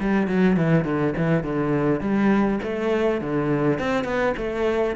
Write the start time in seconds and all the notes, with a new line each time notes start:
0.00 G3
0.27 F#3
0.56 E3
0.84 D3
1.17 E3
1.43 D3
2.00 G3
2.63 A3
3.21 D3
3.79 C4
4.04 B3
4.37 A3